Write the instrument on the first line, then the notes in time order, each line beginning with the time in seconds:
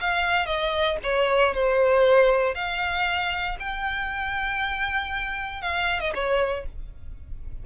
violin
0.00 F5
0.46 D#5
1.03 C#5
1.54 C5
2.54 F5
3.59 G5
5.61 F5
6.00 D#5
6.14 C#5